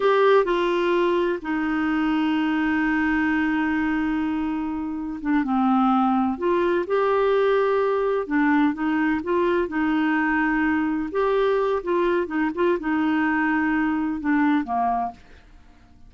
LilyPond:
\new Staff \with { instrumentName = "clarinet" } { \time 4/4 \tempo 4 = 127 g'4 f'2 dis'4~ | dis'1~ | dis'2. d'8 c'8~ | c'4. f'4 g'4.~ |
g'4. d'4 dis'4 f'8~ | f'8 dis'2. g'8~ | g'4 f'4 dis'8 f'8 dis'4~ | dis'2 d'4 ais4 | }